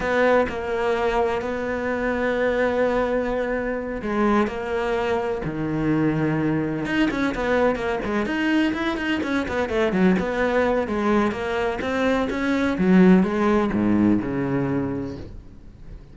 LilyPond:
\new Staff \with { instrumentName = "cello" } { \time 4/4 \tempo 4 = 127 b4 ais2 b4~ | b1~ | b8 gis4 ais2 dis8~ | dis2~ dis8 dis'8 cis'8 b8~ |
b8 ais8 gis8 dis'4 e'8 dis'8 cis'8 | b8 a8 fis8 b4. gis4 | ais4 c'4 cis'4 fis4 | gis4 gis,4 cis2 | }